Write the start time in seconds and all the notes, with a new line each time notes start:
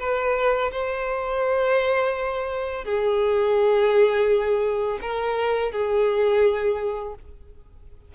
0.00 B4
0.72 C5
2.85 G#4
5.02 A#4
5.72 G#4